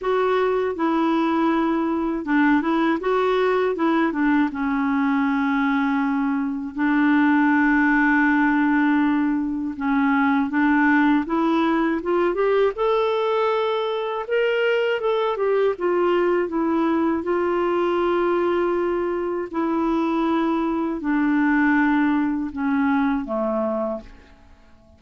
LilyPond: \new Staff \with { instrumentName = "clarinet" } { \time 4/4 \tempo 4 = 80 fis'4 e'2 d'8 e'8 | fis'4 e'8 d'8 cis'2~ | cis'4 d'2.~ | d'4 cis'4 d'4 e'4 |
f'8 g'8 a'2 ais'4 | a'8 g'8 f'4 e'4 f'4~ | f'2 e'2 | d'2 cis'4 a4 | }